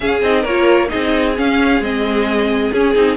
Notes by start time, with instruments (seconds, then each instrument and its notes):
0.00 viola C#4, cello C#4, violin G#4 F5
0.22 cello C4, viola D#4, violin D#5
0.41 cello A#3, violin A#4 C#5
0.48 viola F4
0.88 viola D#4, violin G#4 D#5
0.94 cello C4
1.36 viola C#4, cello C#4, violin F5
1.80 cello G#3, viola C4, violin D#5
2.72 cello C#4, viola C#4, violin G#4
2.95 cello C4, viola D#4